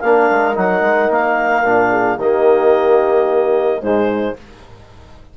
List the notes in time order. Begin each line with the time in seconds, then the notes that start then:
0.00 A#3 D4 A#4 F5
0.31 G#3
0.54 F#3 D#4 F#5
0.81 G#3
1.10 A#3 F5
1.64 A#2 D4
1.91 G#4
2.17 D#3 A#3 G4 D#5
3.82 G#2 G#3 D#4 C5